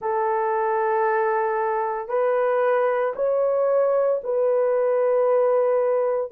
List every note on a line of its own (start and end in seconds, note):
0.00 2.08 A4
2.08 3.13 B4
3.15 4.21 C#5
4.23 6.31 B4